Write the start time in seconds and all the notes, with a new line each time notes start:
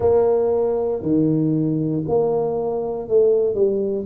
0.00 A#3
1.02 D#3
2.08 A#3
3.08 A3
3.54 G3